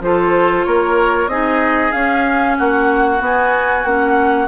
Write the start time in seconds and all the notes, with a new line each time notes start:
0.00 F3 F4 A4 C5
0.64 A#3 A#4 C#5
1.27 C4 D#4 G#4 D#5
1.92 C#4 F5
2.57 A#3 F#4 F#5
3.19 B3 G#5
3.84 A#3 C#4 F#5